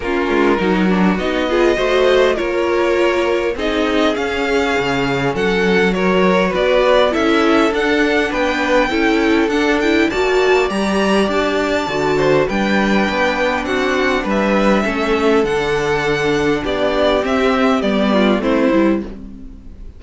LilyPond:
<<
  \new Staff \with { instrumentName = "violin" } { \time 4/4 \tempo 4 = 101 ais'2 dis''2 | cis''2 dis''4 f''4~ | f''4 fis''4 cis''4 d''4 | e''4 fis''4 g''2 |
fis''8 g''8 a''4 ais''4 a''4~ | a''4 g''2 fis''4 | e''2 fis''2 | d''4 e''4 d''4 c''4 | }
  \new Staff \with { instrumentName = "violin" } { \time 4/4 f'4 fis'4. gis'8 c''4 | ais'2 gis'2~ | gis'4 a'4 ais'4 b'4 | a'2 b'4 a'4~ |
a'4 d''2.~ | d''8 c''8 b'2 fis'4 | b'4 a'2. | g'2~ g'8 f'8 e'4 | }
  \new Staff \with { instrumentName = "viola" } { \time 4/4 cis'4 dis'8 d'8 dis'8 f'8 fis'4 | f'2 dis'4 cis'4~ | cis'2 fis'2 | e'4 d'2 e'4 |
d'8 e'8 fis'4 g'2 | fis'4 d'2.~ | d'4 cis'4 d'2~ | d'4 c'4 b4 c'8 e'8 | }
  \new Staff \with { instrumentName = "cello" } { \time 4/4 ais8 gis8 fis4 b4 a4 | ais2 c'4 cis'4 | cis4 fis2 b4 | cis'4 d'4 b4 cis'4 |
d'4 ais4 g4 d'4 | d4 g4 b4 c'4 | g4 a4 d2 | b4 c'4 g4 a8 g8 | }
>>